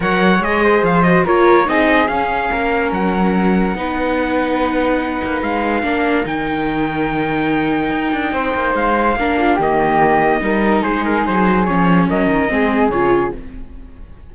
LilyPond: <<
  \new Staff \with { instrumentName = "trumpet" } { \time 4/4 \tempo 4 = 144 fis''4 dis''4 f''8 dis''8 cis''4 | dis''4 f''2 fis''4~ | fis''1~ | fis''4 f''2 g''4~ |
g''1~ | g''4 f''2 dis''4~ | dis''2 c''8 ais'8 c''4 | cis''4 dis''2 cis''4 | }
  \new Staff \with { instrumentName = "flute" } { \time 4/4 cis''4. c''4. ais'4 | gis'2 ais'2~ | ais'4 b'2.~ | b'2 ais'2~ |
ais'1 | c''2 ais'8 f'8 g'4~ | g'4 ais'4 gis'2~ | gis'4 ais'4 gis'2 | }
  \new Staff \with { instrumentName = "viola" } { \time 4/4 ais'4 gis'4. fis'8 f'4 | dis'4 cis'2.~ | cis'4 dis'2.~ | dis'2 d'4 dis'4~ |
dis'1~ | dis'2 d'4 ais4~ | ais4 dis'2. | cis'2 c'4 f'4 | }
  \new Staff \with { instrumentName = "cello" } { \time 4/4 fis4 gis4 f4 ais4 | c'4 cis'4 ais4 fis4~ | fis4 b2.~ | b8 ais8 gis4 ais4 dis4~ |
dis2. dis'8 d'8 | c'8 ais8 gis4 ais4 dis4~ | dis4 g4 gis4 fis4 | f4 fis8 dis8 gis4 cis4 | }
>>